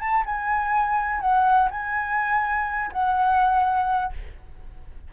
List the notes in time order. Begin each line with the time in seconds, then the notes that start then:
0.00 A5
0.26 G#5
1.21 F#5
1.71 G#5
2.92 F#5